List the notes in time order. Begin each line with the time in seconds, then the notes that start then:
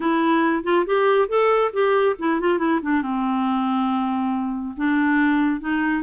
0.00 E4
0.63 F4
0.86 G4
1.28 A4
1.72 G4
2.18 E4
2.40 F4
2.58 E4
2.82 D4
3.02 C4
4.76 D4
5.60 D#4